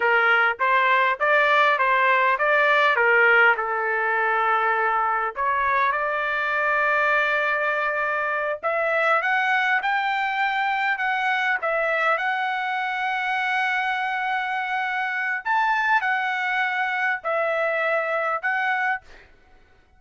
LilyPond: \new Staff \with { instrumentName = "trumpet" } { \time 4/4 \tempo 4 = 101 ais'4 c''4 d''4 c''4 | d''4 ais'4 a'2~ | a'4 cis''4 d''2~ | d''2~ d''8 e''4 fis''8~ |
fis''8 g''2 fis''4 e''8~ | e''8 fis''2.~ fis''8~ | fis''2 a''4 fis''4~ | fis''4 e''2 fis''4 | }